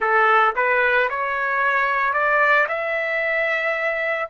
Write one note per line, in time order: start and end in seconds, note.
0.00 0.54 A4
0.56 1.09 B4
1.09 2.13 C#5
2.13 2.66 D5
2.68 4.29 E5